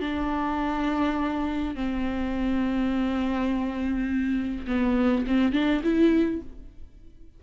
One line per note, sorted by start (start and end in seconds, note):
0.00 1.75 D4
1.75 4.66 C4
4.67 5.25 B3
5.27 5.53 C4
5.53 5.82 D4
5.83 6.41 E4